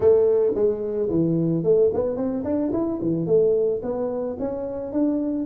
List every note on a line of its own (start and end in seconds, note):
0.00 0.53 A3
0.54 1.09 G#3
1.09 1.63 E3
1.63 1.90 A3
1.93 2.16 B3
2.16 2.43 C4
2.43 2.71 D4
2.72 2.99 E4
3.01 3.26 E3
3.26 3.81 A3
3.82 4.37 B3
4.39 4.92 C#4
4.92 5.45 D4